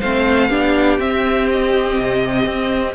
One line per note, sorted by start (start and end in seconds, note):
0.00 0.50 A3
0.00 0.50 C4
0.00 0.48 C5
0.00 0.98 F5
0.48 0.98 B3
0.48 0.99 D4
0.48 2.94 G4
0.98 1.97 C4
0.98 2.94 C4
0.98 1.49 E5
1.51 2.94 D#5
1.98 2.45 C3
2.45 2.94 C4